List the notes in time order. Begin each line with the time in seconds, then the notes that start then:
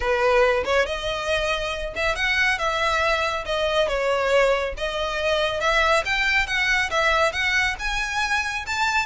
0.00 B4
0.65 C#5
0.86 D#5
1.95 E5
2.15 F#5
2.58 E5
3.45 D#5
3.87 C#5
4.77 D#5
5.60 E5
6.05 G5
6.46 F#5
6.90 E5
7.32 F#5
7.79 G#5
8.66 A5